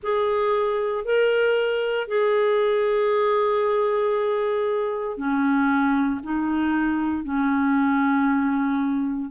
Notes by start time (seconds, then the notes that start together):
0.02 G#4
1.04 A#4
2.07 G#4
5.17 C#4
6.23 D#4
7.24 C#4